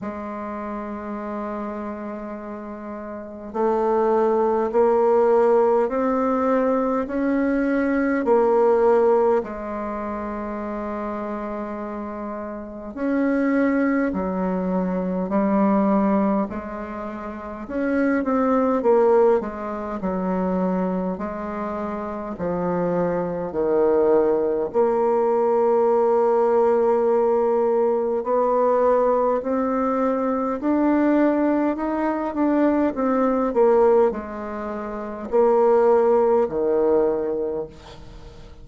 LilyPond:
\new Staff \with { instrumentName = "bassoon" } { \time 4/4 \tempo 4 = 51 gis2. a4 | ais4 c'4 cis'4 ais4 | gis2. cis'4 | fis4 g4 gis4 cis'8 c'8 |
ais8 gis8 fis4 gis4 f4 | dis4 ais2. | b4 c'4 d'4 dis'8 d'8 | c'8 ais8 gis4 ais4 dis4 | }